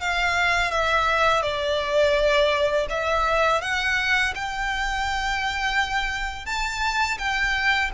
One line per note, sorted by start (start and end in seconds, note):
0.00 0.71 F5
0.71 1.42 E5
1.42 2.87 D5
2.89 3.61 E5
3.61 4.33 F#5
4.35 6.46 G5
6.46 7.18 A5
7.18 7.91 G5